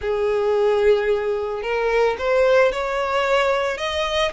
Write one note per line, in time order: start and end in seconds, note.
0.01 1.62 G#4
1.62 2.16 A#4
2.18 2.72 C5
2.72 3.77 C#5
3.77 4.31 D#5